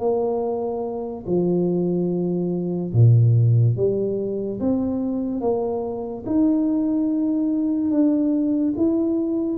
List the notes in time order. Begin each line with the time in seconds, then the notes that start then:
0.00 A#3
1.27 F3
2.94 A#2
3.77 G3
4.60 C4
5.41 A#3
6.26 D#4
7.91 D4
8.77 E4